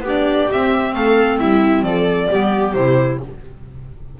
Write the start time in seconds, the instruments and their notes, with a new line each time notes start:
0.00 double bass B3, clarinet D4, viola G4
0.08 violin D5
0.52 clarinet C4, double bass C4, violin E5
0.94 double bass A3, viola A4, violin F5
1.39 double bass G3, viola E4, violin E5
1.83 double bass F3, viola A4, violin D5
2.29 double bass G3, clarinet B3, viola G4
2.73 double bass C3, clarinet E4, violin C5